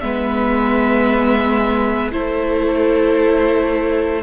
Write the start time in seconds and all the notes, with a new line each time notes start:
0.00 G#3 B3 B4 E5
2.12 A3 E4 A4 C5